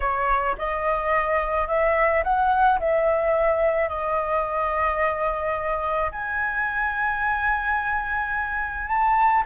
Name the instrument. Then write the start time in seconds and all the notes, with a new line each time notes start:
flute
0.00 C#5
0.58 D#5
1.67 E5
2.23 F#5
2.79 E5
3.88 D#5
6.11 G#5
8.87 A5